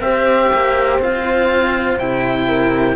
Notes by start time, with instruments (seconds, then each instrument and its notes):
0.00 cello C4 G4, horn C5, oboe E5
0.54 cello A#3
0.99 cello C4 F4, oboe F5
1.99 cello C3 E4, oboe G5
2.48 horn A#4